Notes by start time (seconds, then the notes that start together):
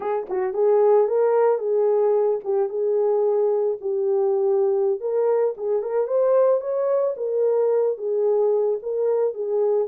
0.00 G#4
0.29 F#4
0.53 G#4
1.07 A#4
1.58 G#4
2.43 G4
2.69 G#4
3.80 G4
5.00 A#4
5.57 G#4
5.82 A#4
6.07 C5
6.60 C#5
7.16 A#4
7.97 G#4
8.82 A#4
9.34 G#4